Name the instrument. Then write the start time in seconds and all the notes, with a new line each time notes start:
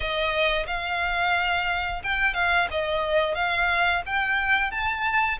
violin
0.00 D#5
0.66 F5
2.03 G5
2.34 F5
2.70 D#5
3.35 F5
4.05 G5
4.71 A5